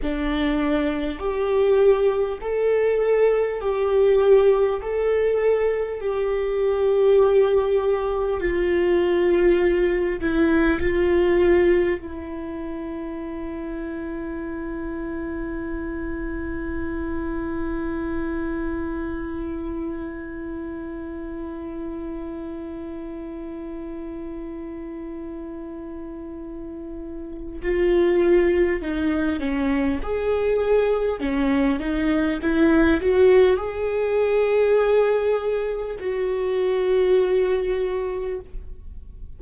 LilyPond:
\new Staff \with { instrumentName = "viola" } { \time 4/4 \tempo 4 = 50 d'4 g'4 a'4 g'4 | a'4 g'2 f'4~ | f'8 e'8 f'4 e'2~ | e'1~ |
e'1~ | e'2. f'4 | dis'8 cis'8 gis'4 cis'8 dis'8 e'8 fis'8 | gis'2 fis'2 | }